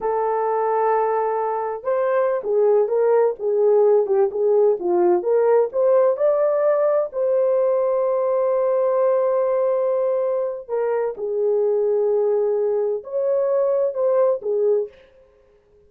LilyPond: \new Staff \with { instrumentName = "horn" } { \time 4/4 \tempo 4 = 129 a'1 | c''4~ c''16 gis'4 ais'4 gis'8.~ | gis'8. g'8 gis'4 f'4 ais'8.~ | ais'16 c''4 d''2 c''8.~ |
c''1~ | c''2. ais'4 | gis'1 | cis''2 c''4 gis'4 | }